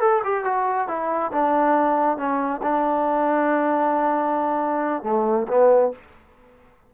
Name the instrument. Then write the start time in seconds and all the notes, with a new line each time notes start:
trombone
0.00 A4
0.24 G4
0.44 F#4
0.88 E4
1.32 D4
2.17 C#4
2.62 D4
5.03 A3
5.48 B3